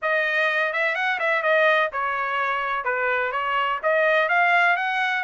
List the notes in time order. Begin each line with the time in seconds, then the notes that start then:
0.02 D#5
0.72 E5
0.95 F#5
1.19 E5
1.42 D#5
1.92 C#5
2.84 B4
3.32 C#5
3.82 D#5
4.29 F5
4.76 F#5